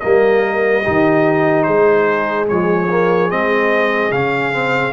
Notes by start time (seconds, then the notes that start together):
0.00 G3 A#3 A#4 D#5
0.83 D#3 D#4 G4
1.63 G#3 G#4 C5
2.47 F3 G#3 C#5
2.89 A#3
3.29 G#3 C4 D#5
4.11 C#3 C#4 F5
4.52 C4